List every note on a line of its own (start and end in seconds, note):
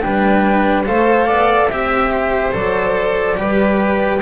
0.00 0.87 G3
0.00 0.85 D4
0.00 0.87 B4
0.00 0.83 G5
0.86 1.29 A3
0.86 1.70 A4
0.86 1.26 C5
0.86 1.68 F5
1.26 1.69 B3
1.26 1.68 D5
1.68 2.53 C4
1.68 2.52 G4
1.68 2.52 E5
1.68 2.12 E5
2.12 3.37 C5
2.52 3.37 F#3
2.52 3.35 A4
2.52 4.20 D5
3.37 4.21 G3
3.37 4.20 G4
3.37 4.21 B4